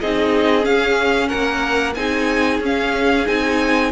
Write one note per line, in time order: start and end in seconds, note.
0.00 0.66 C4
0.00 0.62 D#4
0.00 1.28 G#4
0.00 0.65 D#5
0.62 1.92 C#4
0.62 1.31 C#4
0.62 1.29 F5
1.28 1.96 A#3
1.28 1.94 A#4
1.28 1.94 F#5
1.95 2.60 C4
1.95 2.62 D#4
1.95 3.92 G#4
1.95 2.60 G#5
2.60 3.25 C#4
2.60 3.26 C#4
2.66 3.27 F5
3.26 3.92 C4
3.26 3.92 D#4
3.26 3.92 G#5